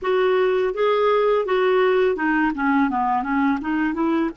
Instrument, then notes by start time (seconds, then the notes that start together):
clarinet
0.02 F#4
0.74 G#4
1.45 F#4
2.16 D#4
2.55 C#4
2.89 B3
3.22 C#4
3.61 D#4
3.94 E4